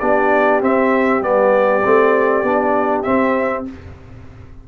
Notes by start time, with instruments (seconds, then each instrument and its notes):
0.00 tuba B3, trombone D4, horn G4, trumpet D5
0.62 trombone C4, tuba C4, trumpet E5
1.21 tuba G3, trombone B3, trumpet D5
1.84 tuba A3, trombone C4
2.43 tuba B3, trombone D4
3.03 trombone C4, tuba C4, trumpet E5